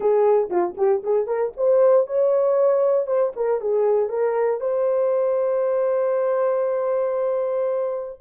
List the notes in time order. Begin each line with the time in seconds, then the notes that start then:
0.00 G#4
0.50 F4
0.77 G4
1.03 G#4
1.26 A#4
1.56 C5
2.07 C#5
3.06 C5
3.36 A#4
3.60 G#4
4.09 A#4
4.60 C5